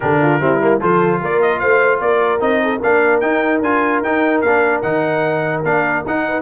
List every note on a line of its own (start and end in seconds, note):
0.00 0.40 D3
0.00 0.40 D4
0.00 0.18 G4
0.00 0.80 A#4
0.21 0.41 F4
0.40 0.80 G3
0.40 0.60 C4
0.40 0.80 E4
0.60 0.80 A#3
0.80 1.22 F3
0.80 2.39 F4
0.80 1.20 A4
0.80 1.22 C5
1.21 1.62 A#3
1.21 1.60 A#4
1.21 1.41 D5
1.41 1.59 D#5
1.59 2.00 A3
1.59 2.00 C5
1.59 2.00 F5
2.00 2.40 A#3
2.00 2.63 A#4
2.00 2.41 D5
2.39 2.81 C4
2.39 2.79 D#4
2.39 2.81 D#5
2.63 2.79 A4
2.79 3.22 A#3
2.79 3.22 D4
2.79 6.21 A#4
2.79 3.20 F5
3.20 3.61 D#4
3.20 3.62 D#4
3.20 3.60 G5
3.61 4.01 D4
3.61 4.04 F4
3.61 4.03 G#5
4.01 4.42 D#4
4.01 4.45 D#4
4.01 4.41 G5
4.41 4.83 A#3
4.41 4.83 D4
4.41 4.81 F5
4.82 5.63 D#3
4.82 5.64 D#4
4.82 5.62 F#5
5.63 6.04 A#3
5.63 6.05 D4
5.63 6.05 F5
6.05 6.42 D#4
6.05 6.42 F#5
6.28 6.42 B4